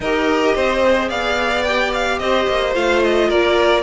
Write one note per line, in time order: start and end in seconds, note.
0.00 0.54 D#4
0.00 0.84 G4
0.00 0.55 A#4
0.00 1.09 D#5
0.55 1.10 C4
0.55 1.08 C5
0.84 1.66 G#4
1.08 2.19 B3
1.08 2.18 D5
1.08 1.64 F5
1.64 2.74 G4
1.64 1.91 G5
1.93 2.18 F5
2.18 2.47 C4
2.18 3.27 C5
2.18 2.73 D#5
2.48 2.75 A#3
2.74 3.30 A3
2.74 3.83 F4
2.74 3.02 F5
3.03 3.29 D#5
3.27 3.83 A#3
3.27 3.82 A#4
3.27 3.83 D5